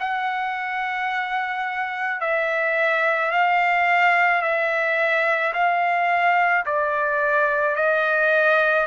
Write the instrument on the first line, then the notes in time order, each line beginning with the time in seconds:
trumpet
0.00 F#5
2.21 E5
3.31 F5
4.42 E5
5.54 F5
6.66 D5
7.76 D#5